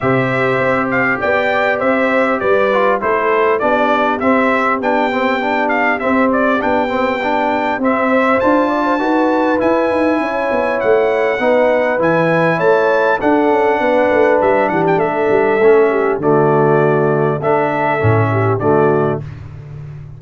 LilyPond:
<<
  \new Staff \with { instrumentName = "trumpet" } { \time 4/4 \tempo 4 = 100 e''4. f''8 g''4 e''4 | d''4 c''4 d''4 e''4 | g''4. f''8 e''8 d''8 g''4~ | g''4 e''4 a''2 |
gis''2 fis''2 | gis''4 a''4 fis''2 | e''8 fis''16 g''16 e''2 d''4~ | d''4 e''2 d''4 | }
  \new Staff \with { instrumentName = "horn" } { \time 4/4 c''2 d''4 c''4 | b'4 a'4 g'2~ | g'1~ | g'4. c''4 d''16 c''16 b'4~ |
b'4 cis''2 b'4~ | b'4 cis''4 a'4 b'4~ | b'8 g'8 a'4. g'8 fis'4~ | fis'4 a'4. g'8 fis'4 | }
  \new Staff \with { instrumentName = "trombone" } { \time 4/4 g'1~ | g'8 f'8 e'4 d'4 c'4 | d'8 c'8 d'4 c'4 d'8 c'8 | d'4 c'4 f'4 fis'4 |
e'2. dis'4 | e'2 d'2~ | d'2 cis'4 a4~ | a4 d'4 cis'4 a4 | }
  \new Staff \with { instrumentName = "tuba" } { \time 4/4 c4 c'4 b4 c'4 | g4 a4 b4 c'4 | b2 c'4 b4~ | b4 c'4 d'4 dis'4 |
e'8 dis'8 cis'8 b8 a4 b4 | e4 a4 d'8 cis'8 b8 a8 | g8 e8 a8 g8 a4 d4~ | d4 a4 a,4 d4 | }
>>